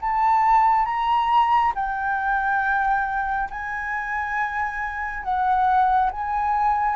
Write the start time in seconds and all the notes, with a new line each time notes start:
0.00 A5
0.85 A#5
1.75 G5
3.50 G#5
5.23 F#5
6.11 G#5